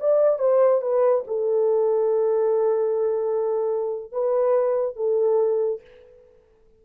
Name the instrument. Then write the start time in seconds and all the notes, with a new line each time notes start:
horn
0.00 D5
0.39 C5
0.81 B4
1.27 A4
4.12 B4
4.96 A4